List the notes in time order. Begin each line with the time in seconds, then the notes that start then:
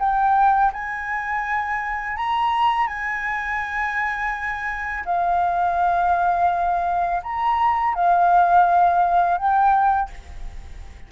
0.00 G5
0.73 G#5
2.17 A#5
2.88 G#5
5.05 F5
7.24 A#5
7.95 F5
9.38 G5